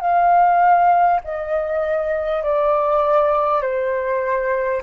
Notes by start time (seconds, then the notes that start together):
0.00 F5
1.24 D#5
2.43 D5
3.62 C5